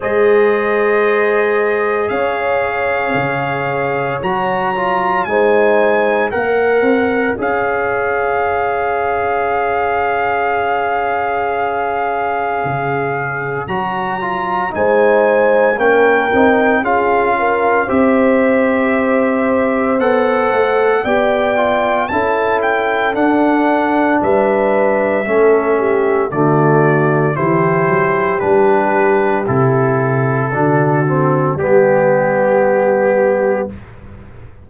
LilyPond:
<<
  \new Staff \with { instrumentName = "trumpet" } { \time 4/4 \tempo 4 = 57 dis''2 f''2 | ais''4 gis''4 fis''4 f''4~ | f''1~ | f''4 ais''4 gis''4 g''4 |
f''4 e''2 fis''4 | g''4 a''8 g''8 fis''4 e''4~ | e''4 d''4 c''4 b'4 | a'2 g'2 | }
  \new Staff \with { instrumentName = "horn" } { \time 4/4 c''2 cis''2~ | cis''4 c''4 cis''2~ | cis''1~ | cis''2 c''4 ais'4 |
gis'8 ais'8 c''2. | d''4 a'2 b'4 | a'8 g'8 fis'4 g'2~ | g'4 fis'4 g'2 | }
  \new Staff \with { instrumentName = "trombone" } { \time 4/4 gis'1 | fis'8 f'8 dis'4 ais'4 gis'4~ | gis'1~ | gis'4 fis'8 f'8 dis'4 cis'8 dis'8 |
f'4 g'2 a'4 | g'8 f'8 e'4 d'2 | cis'4 a4 e'4 d'4 | e'4 d'8 c'8 b2 | }
  \new Staff \with { instrumentName = "tuba" } { \time 4/4 gis2 cis'4 cis4 | fis4 gis4 ais8 c'8 cis'4~ | cis'1 | cis4 fis4 gis4 ais8 c'8 |
cis'4 c'2 b8 a8 | b4 cis'4 d'4 g4 | a4 d4 e8 fis8 g4 | c4 d4 g2 | }
>>